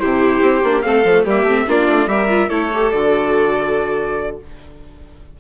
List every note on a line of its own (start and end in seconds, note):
0.00 0.42 C3
0.00 0.63 E4
0.00 0.85 G4
0.00 0.82 C5
0.42 0.63 C4
0.64 0.85 A#3
0.64 0.83 D4
0.82 1.04 A3
0.82 1.04 C4
0.82 1.25 A4
0.82 1.24 F5
1.04 1.25 F3
1.04 1.27 A3
1.25 1.43 G3
1.25 1.47 A#3
1.25 1.67 G4
1.25 1.70 E5
1.43 1.64 A3
1.43 1.67 C4
1.67 1.89 A#3
1.67 2.08 D4
1.67 2.10 F4
1.67 2.09 D5
1.89 2.07 A3
2.07 2.49 G3
2.07 2.29 G4
2.07 2.49 A#4
2.07 2.49 E5
2.29 2.50 F4
2.49 2.93 A3
2.49 2.71 E4
2.49 4.37 A4
2.49 2.91 C#5
2.74 2.94 G4
2.92 4.39 D3
2.92 4.40 F#4
2.92 4.38 D5